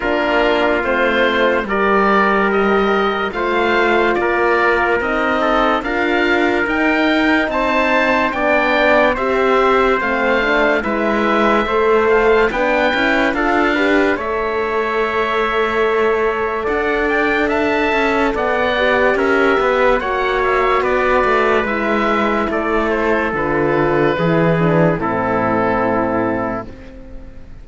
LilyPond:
<<
  \new Staff \with { instrumentName = "oboe" } { \time 4/4 \tempo 4 = 72 ais'4 c''4 d''4 dis''4 | f''4 d''4 dis''4 f''4 | g''4 a''4 g''4 e''4 | f''4 e''4. f''8 g''4 |
f''4 e''2. | fis''8 g''8 a''4 fis''4 e''4 | fis''8 e''8 d''4 e''4 d''8 c''8 | b'2 a'2 | }
  \new Staff \with { instrumentName = "trumpet" } { \time 4/4 f'2 ais'2 | c''4 ais'4. a'8 ais'4~ | ais'4 c''4 d''4 c''4~ | c''4 b'4 c''4 b'4 |
a'8 b'8 cis''2. | d''4 e''4 d''4 ais'8 b'8 | cis''4 b'2 a'4~ | a'4 gis'4 e'2 | }
  \new Staff \with { instrumentName = "horn" } { \time 4/4 d'4 c'4 g'2 | f'2 dis'4 f'4 | dis'2 d'4 g'4 | c'8 d'8 e'4 a'4 d'8 e'8 |
f'8 g'8 a'2.~ | a'2~ a'8 g'4. | fis'2 e'2 | f'4 e'8 d'8 c'2 | }
  \new Staff \with { instrumentName = "cello" } { \time 4/4 ais4 a4 g2 | a4 ais4 c'4 d'4 | dis'4 c'4 b4 c'4 | a4 gis4 a4 b8 cis'8 |
d'4 a2. | d'4. cis'8 b4 cis'8 b8 | ais4 b8 a8 gis4 a4 | d4 e4 a,2 | }
>>